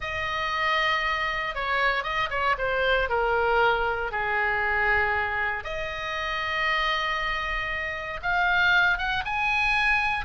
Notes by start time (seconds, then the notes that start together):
0.00 D#5
1.55 C#5
2.03 D#5
2.30 C#5
2.58 C5
3.09 A#4
4.11 G#4
5.64 D#5
8.22 F5
8.98 F#5
9.25 G#5